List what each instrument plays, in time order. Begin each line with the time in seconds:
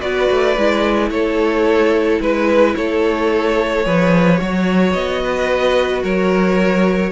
0.00 cello B3, viola F#4, violin B4 D5
0.30 cello A3
0.57 cello G#3, viola E4
1.10 cello A3, violin A4 C#5
2.20 cello G#3, violin B4
2.75 cello A3, violin A4 C#5
3.84 cello F3, viola G#4, violin B4
4.38 cello F#3, viola F#4, violin C#5
4.93 cello B3, violin D#5
5.23 violin B4
6.03 cello F#3, violin A#4 C#5